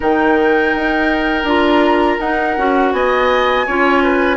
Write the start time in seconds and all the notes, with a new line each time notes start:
0.00 D#3 D#4 A#4 G5
0.75 D#4
1.43 D4 F4 A#5
2.19 D#4 F#5
2.57 C#4 F#4
2.92 B3 D#5 G#5
3.66 C#4 F4 C#5
4.03 B4